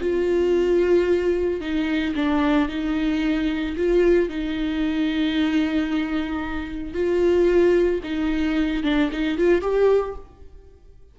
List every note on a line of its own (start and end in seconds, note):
0.00 1.60 F4
1.60 2.14 D#4
2.15 2.68 D4
2.68 3.75 D#4
3.76 4.29 F4
4.29 6.94 D#4
6.94 8.01 F4
8.03 8.83 D#4
8.83 9.10 D4
9.12 9.37 D#4
9.37 9.61 F4
9.61 10.15 G4